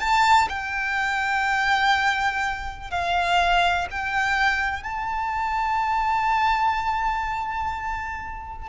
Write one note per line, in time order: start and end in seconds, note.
0.00 0.48 A5
0.49 2.91 G5
2.91 3.88 F5
3.91 4.83 G5
4.83 8.69 A5